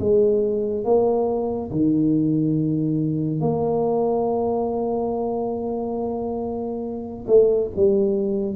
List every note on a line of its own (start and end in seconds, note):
0.00 0.85 G#3
0.85 1.71 A#3
1.71 3.41 D#3
3.41 7.27 A#3
7.27 7.70 A3
7.76 8.56 G3